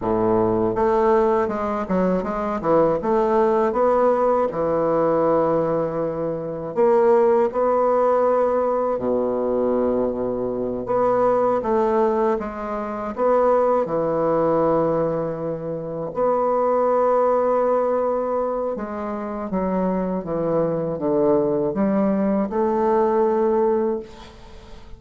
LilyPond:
\new Staff \with { instrumentName = "bassoon" } { \time 4/4 \tempo 4 = 80 a,4 a4 gis8 fis8 gis8 e8 | a4 b4 e2~ | e4 ais4 b2 | b,2~ b,8 b4 a8~ |
a8 gis4 b4 e4.~ | e4. b2~ b8~ | b4 gis4 fis4 e4 | d4 g4 a2 | }